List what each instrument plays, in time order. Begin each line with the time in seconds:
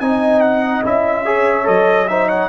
0.00 tuba C4, trombone D#4, horn D#5, trumpet G#5
0.41 trumpet F#5
0.84 tuba C#4, trombone E4, trumpet E5
1.25 trombone G#4, horn C#5
1.64 tuba F#3, trombone A4, trumpet D#5
2.08 trombone D#4, horn C5, trumpet E5
2.28 horn C#5, trumpet F#5